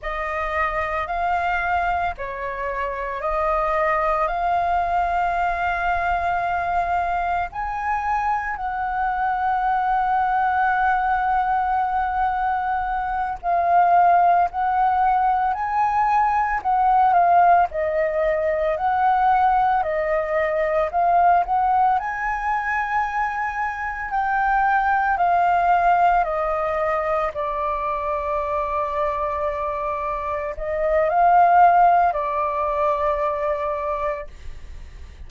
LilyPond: \new Staff \with { instrumentName = "flute" } { \time 4/4 \tempo 4 = 56 dis''4 f''4 cis''4 dis''4 | f''2. gis''4 | fis''1~ | fis''8 f''4 fis''4 gis''4 fis''8 |
f''8 dis''4 fis''4 dis''4 f''8 | fis''8 gis''2 g''4 f''8~ | f''8 dis''4 d''2~ d''8~ | d''8 dis''8 f''4 d''2 | }